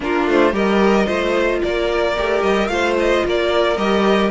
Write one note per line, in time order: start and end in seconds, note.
0.00 0.26 A#3
0.00 0.53 D4
0.00 0.53 F4
0.00 0.28 A#4
0.26 0.52 A3
0.26 0.55 C5
0.52 1.06 G3
0.52 1.06 G4
0.52 1.06 A#4
0.52 1.63 D#5
1.06 1.62 A3
1.06 2.14 F4
1.06 1.60 C5
1.63 2.18 A#3
1.63 2.71 A#4
1.63 2.42 D5
2.17 2.42 A3
2.17 2.68 G4
2.42 2.68 G3
2.42 2.67 D#5
2.67 3.22 A3
2.67 3.76 F4
2.67 3.25 C5
2.67 2.94 F5
2.99 3.26 D#5
3.25 3.76 A#3
3.25 4.31 A#4
3.25 3.77 D5
3.76 4.31 G3
3.76 4.31 G4
3.76 4.31 D#5